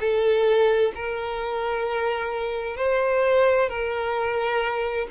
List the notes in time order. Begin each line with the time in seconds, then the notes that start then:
0.00 A4
0.95 A#4
2.77 C5
3.69 A#4